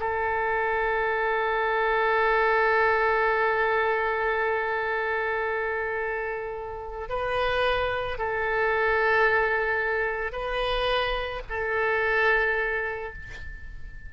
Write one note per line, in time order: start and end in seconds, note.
0.00 7.09 A4
7.09 8.18 B4
8.18 10.32 A4
10.32 11.41 B4
11.50 13.13 A4